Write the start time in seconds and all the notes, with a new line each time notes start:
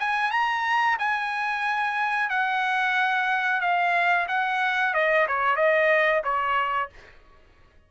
0.00 G#5
0.31 A#5
0.99 G#5
2.30 F#5
3.61 F5
4.28 F#5
4.94 D#5
5.28 C#5
5.56 D#5
6.24 C#5